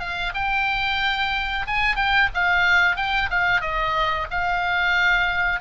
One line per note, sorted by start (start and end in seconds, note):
0.00 0.33 F5
0.34 1.66 G5
1.67 1.96 G#5
1.96 2.29 G5
2.35 2.97 F5
2.97 3.30 G5
3.31 3.61 F5
3.61 4.27 D#5
4.31 5.61 F5